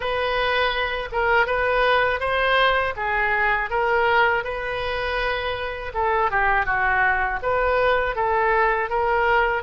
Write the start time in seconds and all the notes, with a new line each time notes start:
0.00 B4
1.12 A#4
1.46 B4
2.20 C5
2.96 G#4
3.70 A#4
4.44 B4
5.94 A4
6.31 G4
6.65 F#4
7.42 B4
8.15 A4
8.89 A#4